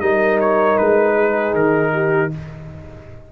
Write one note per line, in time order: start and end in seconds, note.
0.00 0.77 G3
0.00 2.31 D#4
0.00 1.15 A#4
0.00 0.38 D#5
0.41 0.77 C#5
0.77 1.54 G#3
0.77 1.54 B4
1.15 1.92 G#4
1.54 2.31 D#3
1.54 2.32 A#4
1.93 2.31 G4